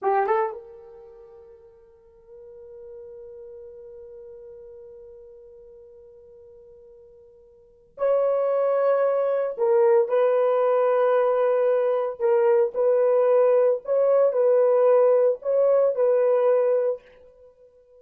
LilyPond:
\new Staff \with { instrumentName = "horn" } { \time 4/4 \tempo 4 = 113 g'8 a'8 ais'2.~ | ais'1~ | ais'1~ | ais'2. cis''4~ |
cis''2 ais'4 b'4~ | b'2. ais'4 | b'2 cis''4 b'4~ | b'4 cis''4 b'2 | }